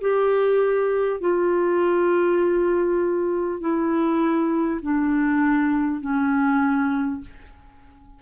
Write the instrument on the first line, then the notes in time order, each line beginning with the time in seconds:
clarinet
0.00 G4
1.20 F4
3.60 E4
4.82 D4
6.00 C#4